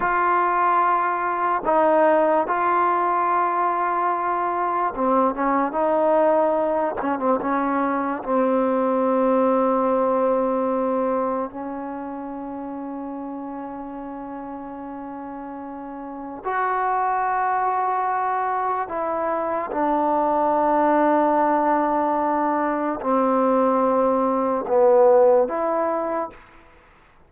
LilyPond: \new Staff \with { instrumentName = "trombone" } { \time 4/4 \tempo 4 = 73 f'2 dis'4 f'4~ | f'2 c'8 cis'8 dis'4~ | dis'8 cis'16 c'16 cis'4 c'2~ | c'2 cis'2~ |
cis'1 | fis'2. e'4 | d'1 | c'2 b4 e'4 | }